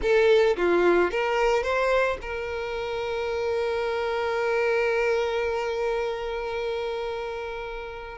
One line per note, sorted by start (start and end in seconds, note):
0.01 0.56 A4
0.57 1.11 F4
1.11 1.63 A#4
1.63 2.17 C5
2.21 8.18 A#4